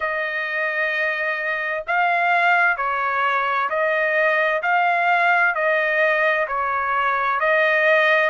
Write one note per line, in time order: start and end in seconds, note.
0.00 1.84 D#5
1.87 2.77 F5
2.77 3.69 C#5
3.69 4.62 D#5
4.62 5.54 F5
5.54 6.47 D#5
6.47 7.39 C#5
7.39 8.30 D#5